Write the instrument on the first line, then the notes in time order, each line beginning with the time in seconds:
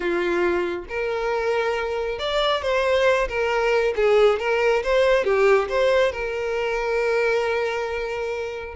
violin
0.00 F4
0.88 A#4
2.18 D5
2.62 C5
3.28 A#4
3.96 G#4
4.39 A#4
4.83 C5
5.24 G4
5.68 C5
6.12 A#4